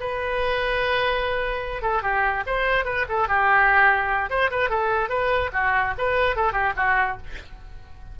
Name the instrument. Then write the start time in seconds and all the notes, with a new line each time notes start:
oboe
0.00 B4
1.82 A4
2.02 G4
2.46 C5
2.85 B4
3.08 A4
3.28 G4
4.30 C5
4.51 B4
4.70 A4
5.09 B4
5.53 F#4
5.98 B4
6.36 A4
6.52 G4
6.76 F#4